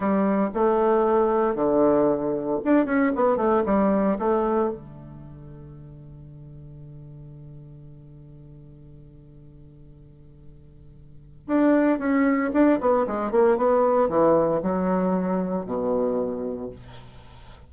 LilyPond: \new Staff \with { instrumentName = "bassoon" } { \time 4/4 \tempo 4 = 115 g4 a2 d4~ | d4 d'8 cis'8 b8 a8 g4 | a4 d2.~ | d1~ |
d1~ | d2 d'4 cis'4 | d'8 b8 gis8 ais8 b4 e4 | fis2 b,2 | }